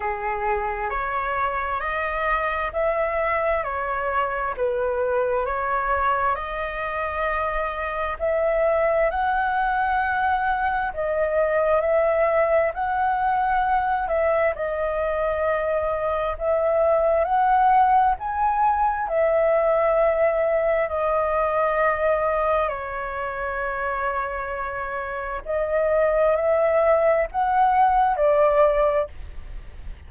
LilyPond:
\new Staff \with { instrumentName = "flute" } { \time 4/4 \tempo 4 = 66 gis'4 cis''4 dis''4 e''4 | cis''4 b'4 cis''4 dis''4~ | dis''4 e''4 fis''2 | dis''4 e''4 fis''4. e''8 |
dis''2 e''4 fis''4 | gis''4 e''2 dis''4~ | dis''4 cis''2. | dis''4 e''4 fis''4 d''4 | }